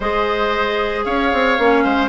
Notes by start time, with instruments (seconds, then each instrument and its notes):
0.00 bassoon G#3, clarinet G#4, oboe C5, flute D#5
1.04 bassoon C#4, oboe C#5, flute F5
1.32 bassoon C4
1.58 bassoon A#3, clarinet C#4
1.83 bassoon G#3, oboe C5